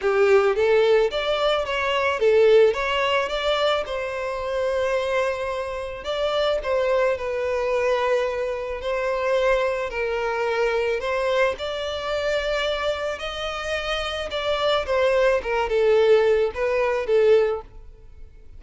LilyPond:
\new Staff \with { instrumentName = "violin" } { \time 4/4 \tempo 4 = 109 g'4 a'4 d''4 cis''4 | a'4 cis''4 d''4 c''4~ | c''2. d''4 | c''4 b'2. |
c''2 ais'2 | c''4 d''2. | dis''2 d''4 c''4 | ais'8 a'4. b'4 a'4 | }